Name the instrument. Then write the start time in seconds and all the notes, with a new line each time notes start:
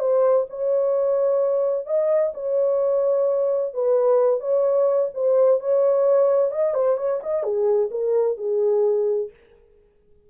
horn
0.00 C5
0.50 C#5
1.86 D#5
2.35 C#5
3.74 B4
4.41 C#5
5.14 C5
5.60 C#5
6.52 D#5
6.75 C5
6.98 C#5
7.23 D#5
7.44 G#4
7.91 A#4
8.38 G#4